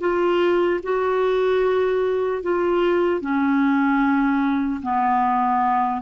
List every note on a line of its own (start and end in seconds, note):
0.00 0.80 F4
0.83 2.43 F#4
2.43 3.21 F4
3.21 4.81 C#4
4.82 6.01 B3